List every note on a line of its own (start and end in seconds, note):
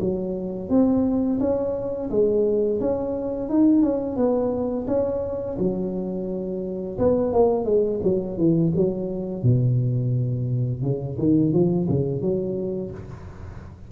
0.00 0.69 F#3
0.69 1.39 C4
1.40 2.10 C#4
2.10 2.80 G#3
2.80 3.49 C#4
3.49 3.82 D#4
3.82 4.17 C#4
4.17 4.86 B3
4.87 5.57 C#4
5.58 6.98 F#3
6.98 7.33 B3
7.33 7.65 A#3
7.65 8.00 G#3
8.03 8.38 F#3
8.38 8.72 E3
8.76 9.43 F#3
9.43 10.82 B2
10.82 11.17 C#3
11.18 11.53 D#3
11.53 11.88 F3
11.88 12.21 C#3
12.21 12.91 F#3